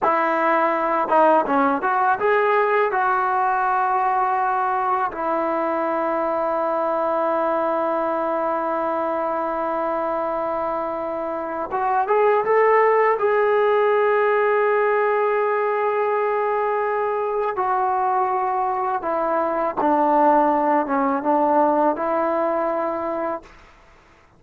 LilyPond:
\new Staff \with { instrumentName = "trombone" } { \time 4/4 \tempo 4 = 82 e'4. dis'8 cis'8 fis'8 gis'4 | fis'2. e'4~ | e'1~ | e'1 |
fis'8 gis'8 a'4 gis'2~ | gis'1 | fis'2 e'4 d'4~ | d'8 cis'8 d'4 e'2 | }